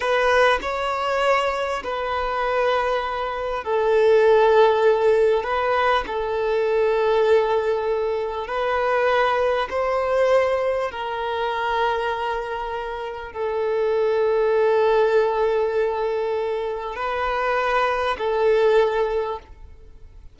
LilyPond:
\new Staff \with { instrumentName = "violin" } { \time 4/4 \tempo 4 = 99 b'4 cis''2 b'4~ | b'2 a'2~ | a'4 b'4 a'2~ | a'2 b'2 |
c''2 ais'2~ | ais'2 a'2~ | a'1 | b'2 a'2 | }